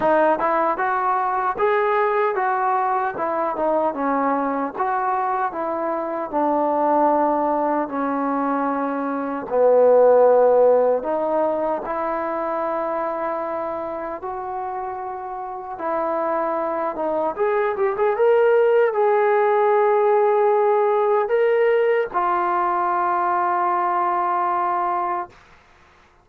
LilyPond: \new Staff \with { instrumentName = "trombone" } { \time 4/4 \tempo 4 = 76 dis'8 e'8 fis'4 gis'4 fis'4 | e'8 dis'8 cis'4 fis'4 e'4 | d'2 cis'2 | b2 dis'4 e'4~ |
e'2 fis'2 | e'4. dis'8 gis'8 g'16 gis'16 ais'4 | gis'2. ais'4 | f'1 | }